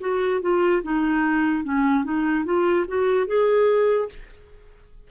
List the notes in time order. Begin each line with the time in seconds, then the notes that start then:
0.00 F#4
0.41 F4
0.83 D#4
1.64 C#4
2.04 D#4
2.45 F4
2.88 F#4
3.27 G#4